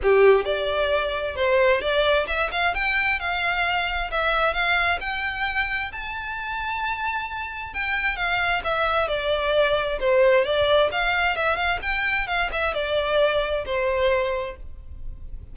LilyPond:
\new Staff \with { instrumentName = "violin" } { \time 4/4 \tempo 4 = 132 g'4 d''2 c''4 | d''4 e''8 f''8 g''4 f''4~ | f''4 e''4 f''4 g''4~ | g''4 a''2.~ |
a''4 g''4 f''4 e''4 | d''2 c''4 d''4 | f''4 e''8 f''8 g''4 f''8 e''8 | d''2 c''2 | }